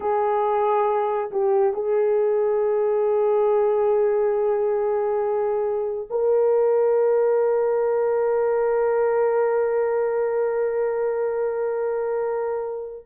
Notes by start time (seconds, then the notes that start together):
0.00 G#4
1.31 G4
1.73 G#4
6.10 A#4